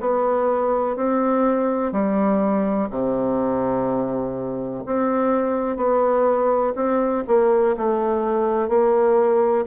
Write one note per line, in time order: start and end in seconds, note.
0.00 0.96 B3
0.96 1.92 C4
1.92 2.89 G3
2.90 4.83 C3
4.85 5.76 C4
5.76 6.73 B3
6.75 7.24 C4
7.27 7.76 A#3
7.76 8.68 A3
8.68 9.65 A#3